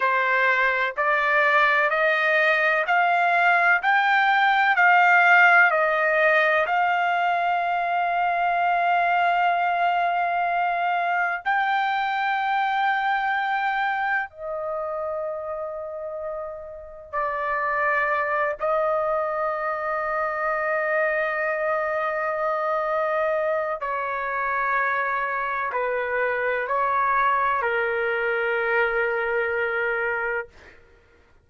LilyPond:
\new Staff \with { instrumentName = "trumpet" } { \time 4/4 \tempo 4 = 63 c''4 d''4 dis''4 f''4 | g''4 f''4 dis''4 f''4~ | f''1 | g''2. dis''4~ |
dis''2 d''4. dis''8~ | dis''1~ | dis''4 cis''2 b'4 | cis''4 ais'2. | }